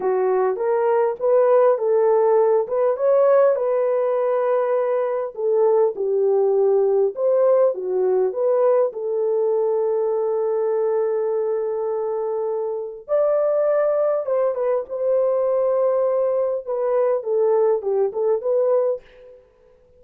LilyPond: \new Staff \with { instrumentName = "horn" } { \time 4/4 \tempo 4 = 101 fis'4 ais'4 b'4 a'4~ | a'8 b'8 cis''4 b'2~ | b'4 a'4 g'2 | c''4 fis'4 b'4 a'4~ |
a'1~ | a'2 d''2 | c''8 b'8 c''2. | b'4 a'4 g'8 a'8 b'4 | }